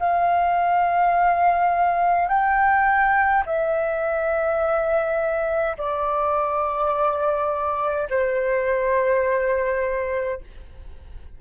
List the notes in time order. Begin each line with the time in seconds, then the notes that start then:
0.00 F5
2.29 G5
3.46 E5
5.78 D5
8.10 C5